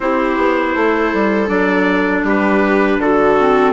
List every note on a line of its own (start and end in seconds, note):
0.00 0.37 C4
0.00 1.46 E4
0.00 0.74 G4
0.00 1.49 C5
0.37 0.74 B3
0.74 1.13 A3
0.74 2.24 A4
1.13 1.48 G3
1.46 2.23 F#3
1.46 3.34 D4
1.46 2.24 D5
2.23 2.98 G3
2.23 3.00 G4
2.23 3.01 B4
2.98 3.72 D3
2.98 3.72 F#4
2.98 3.72 A4
3.39 3.72 C4